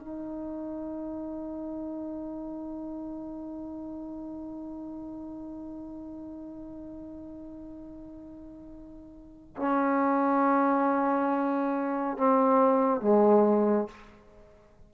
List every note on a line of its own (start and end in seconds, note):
0.00 9.57 D#4
9.57 12.18 C#4
12.18 13.02 C4
13.02 13.89 G#3